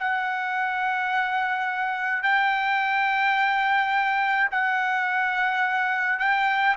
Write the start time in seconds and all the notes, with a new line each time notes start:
0.00 F#5
2.23 G5
4.52 F#5
6.20 G5